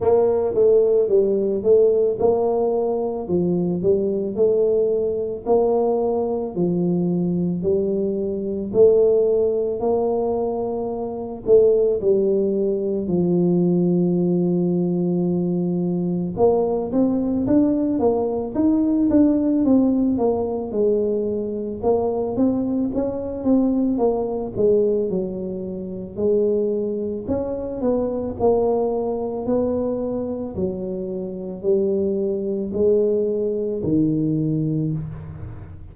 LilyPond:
\new Staff \with { instrumentName = "tuba" } { \time 4/4 \tempo 4 = 55 ais8 a8 g8 a8 ais4 f8 g8 | a4 ais4 f4 g4 | a4 ais4. a8 g4 | f2. ais8 c'8 |
d'8 ais8 dis'8 d'8 c'8 ais8 gis4 | ais8 c'8 cis'8 c'8 ais8 gis8 fis4 | gis4 cis'8 b8 ais4 b4 | fis4 g4 gis4 dis4 | }